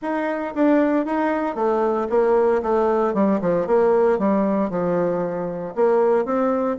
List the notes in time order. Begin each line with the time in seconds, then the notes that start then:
0.01 D#4
0.55 D4
1.05 D#4
1.55 A3
2.09 A#3
2.62 A3
3.14 G3
3.41 F3
3.66 A#3
4.19 G3
4.70 F3
5.75 A#3
6.25 C4